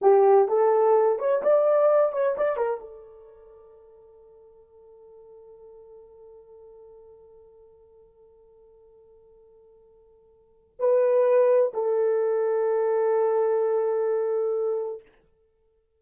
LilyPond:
\new Staff \with { instrumentName = "horn" } { \time 4/4 \tempo 4 = 128 g'4 a'4. cis''8 d''4~ | d''8 cis''8 d''8 ais'8 a'2~ | a'1~ | a'1~ |
a'1~ | a'2. b'4~ | b'4 a'2.~ | a'1 | }